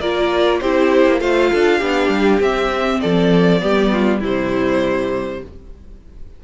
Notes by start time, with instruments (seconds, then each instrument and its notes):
0.00 cello A#3, viola F4, violin A#4 D5
0.60 cello C4, viola E4, violin G4 C5
1.06 cello A#3
1.20 cello A3, viola F4, violin C5 F5
1.51 cello D4, violin A4
1.78 cello B3, viola D4, violin G4
2.09 cello G3
2.40 cello C4, viola C4, violin E5
3.01 cello F3, violin A4 D5
3.60 cello G3, viola B3, violin G4
3.92 violin F4
4.19 cello C3, viola G3, violin E4 C5